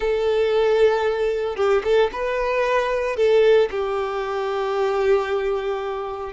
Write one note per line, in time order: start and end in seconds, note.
0.00 1.56 A4
1.56 1.82 G4
1.84 2.10 A4
2.12 3.16 B4
3.16 3.69 A4
3.70 6.32 G4